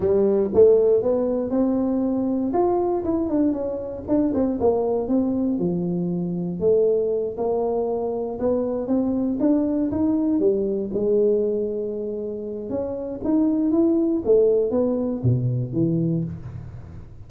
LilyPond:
\new Staff \with { instrumentName = "tuba" } { \time 4/4 \tempo 4 = 118 g4 a4 b4 c'4~ | c'4 f'4 e'8 d'8 cis'4 | d'8 c'8 ais4 c'4 f4~ | f4 a4. ais4.~ |
ais8 b4 c'4 d'4 dis'8~ | dis'8 g4 gis2~ gis8~ | gis4 cis'4 dis'4 e'4 | a4 b4 b,4 e4 | }